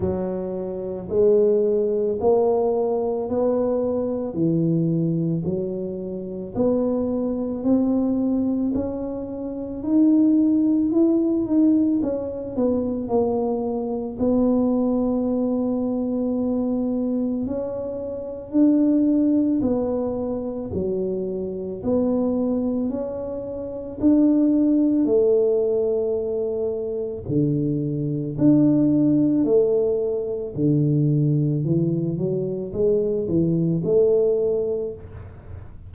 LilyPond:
\new Staff \with { instrumentName = "tuba" } { \time 4/4 \tempo 4 = 55 fis4 gis4 ais4 b4 | e4 fis4 b4 c'4 | cis'4 dis'4 e'8 dis'8 cis'8 b8 | ais4 b2. |
cis'4 d'4 b4 fis4 | b4 cis'4 d'4 a4~ | a4 d4 d'4 a4 | d4 e8 fis8 gis8 e8 a4 | }